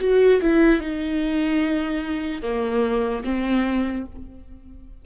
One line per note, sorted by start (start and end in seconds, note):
0.00 0.41 F#4
0.41 0.80 E4
0.80 2.42 D#4
2.42 3.23 A#3
3.24 4.05 C4